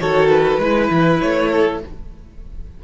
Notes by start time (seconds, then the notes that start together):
0.00 D#3 F#4 A4 C#5
0.30 B4
0.58 G#3 E4 B4
0.91 E3
1.20 A3 C#5
1.51 A4